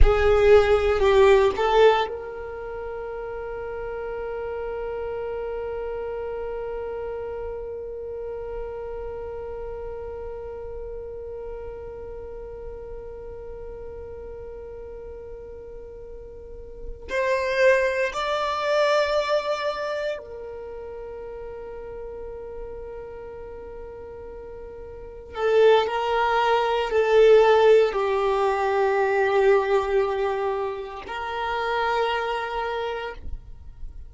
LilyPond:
\new Staff \with { instrumentName = "violin" } { \time 4/4 \tempo 4 = 58 gis'4 g'8 a'8 ais'2~ | ais'1~ | ais'1~ | ais'1~ |
ais'8 c''4 d''2 ais'8~ | ais'1~ | ais'8 a'8 ais'4 a'4 g'4~ | g'2 ais'2 | }